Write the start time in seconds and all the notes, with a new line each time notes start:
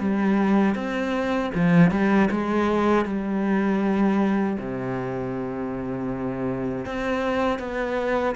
0.00 G3
0.75 C4
1.55 F3
1.91 G3
2.31 G#3
3.05 G3
4.58 C3
6.85 C4
7.59 B3